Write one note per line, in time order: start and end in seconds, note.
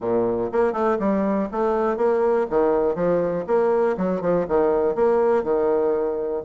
0.00 0.50 A#2
0.52 0.73 A#3
0.73 0.97 A3
0.99 1.49 G3
1.51 1.97 A3
1.97 2.46 A#3
2.50 2.95 D#3
2.95 3.44 F3
3.46 3.96 A#3
3.97 4.21 F#3
4.21 4.46 F3
4.48 4.95 D#3
4.95 5.43 A#3
5.43 6.42 D#3